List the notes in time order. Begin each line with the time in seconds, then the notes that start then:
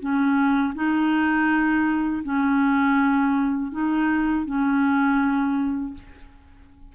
0.00 C#4
0.75 D#4
2.24 C#4
3.72 D#4
4.46 C#4